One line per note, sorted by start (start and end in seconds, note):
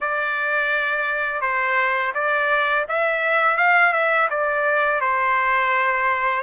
0.01 1.41 D5
1.41 2.12 C5
2.14 2.86 D5
2.88 3.57 E5
3.57 3.92 F5
3.92 4.28 E5
4.30 5.00 D5
5.00 6.43 C5